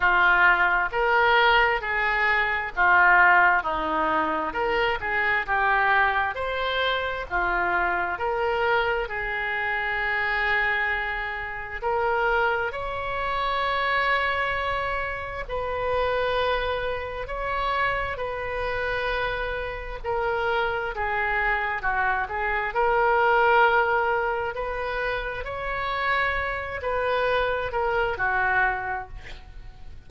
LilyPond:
\new Staff \with { instrumentName = "oboe" } { \time 4/4 \tempo 4 = 66 f'4 ais'4 gis'4 f'4 | dis'4 ais'8 gis'8 g'4 c''4 | f'4 ais'4 gis'2~ | gis'4 ais'4 cis''2~ |
cis''4 b'2 cis''4 | b'2 ais'4 gis'4 | fis'8 gis'8 ais'2 b'4 | cis''4. b'4 ais'8 fis'4 | }